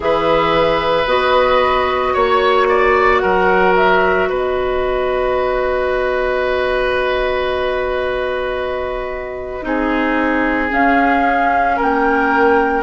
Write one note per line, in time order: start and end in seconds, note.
0.00 1.06 E3
0.00 1.04 G#4
0.00 2.13 B4
0.00 1.07 E5
1.06 2.13 B3
1.06 9.62 F#4
1.06 2.14 D#5
2.13 3.22 A#3
2.13 2.67 C#5
2.13 3.18 C#5
2.69 3.21 D5
3.18 4.29 F#3
3.18 4.29 A#4
3.18 3.72 F#5
3.76 4.29 E5
4.29 9.63 B3
4.29 9.65 B4
4.29 10.71 D#5
9.62 10.70 C4
9.62 10.69 D#4
9.62 11.76 G#4
10.69 12.83 C#4
10.69 11.79 C#4
10.69 11.79 F5
11.76 12.83 A#3
11.76 12.83 A#4
11.76 12.83 G5